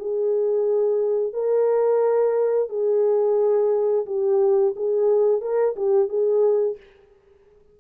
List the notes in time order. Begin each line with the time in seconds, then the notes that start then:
0.00 G#4
1.34 A#4
2.70 G#4
4.07 G4
4.76 G#4
5.42 A#4
5.76 G4
6.09 G#4